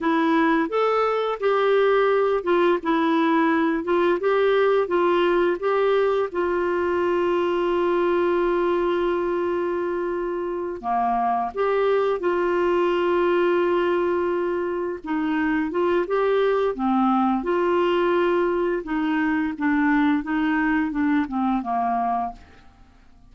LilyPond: \new Staff \with { instrumentName = "clarinet" } { \time 4/4 \tempo 4 = 86 e'4 a'4 g'4. f'8 | e'4. f'8 g'4 f'4 | g'4 f'2.~ | f'2.~ f'8 ais8~ |
ais8 g'4 f'2~ f'8~ | f'4. dis'4 f'8 g'4 | c'4 f'2 dis'4 | d'4 dis'4 d'8 c'8 ais4 | }